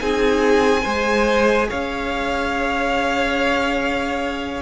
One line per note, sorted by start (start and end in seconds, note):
0.00 0.85 C4
0.00 0.84 D#4
0.00 0.83 G#4
0.00 1.69 G#5
0.83 1.70 G#3
0.83 4.62 G#4
0.83 1.67 C5
1.69 4.62 C#4
1.69 4.62 C#5
1.69 4.62 F5